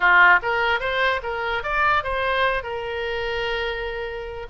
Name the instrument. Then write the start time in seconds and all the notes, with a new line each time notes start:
oboe
0.00 F4
0.42 A#4
0.80 C5
1.22 A#4
1.63 D5
2.03 C5
2.63 A#4